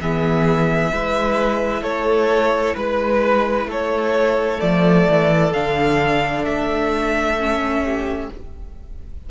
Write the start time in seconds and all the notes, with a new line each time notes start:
0.00 E3 B3 G#4 E5
0.91 G#3 E4 B4
1.82 A3 A4 C#5
2.74 G#3 B4
3.65 A3 A4 C#5
4.58 F3 A3 D5
5.09 E3
5.52 D3 D4 F5
6.44 A3 E5
7.38 C#4
7.83 G4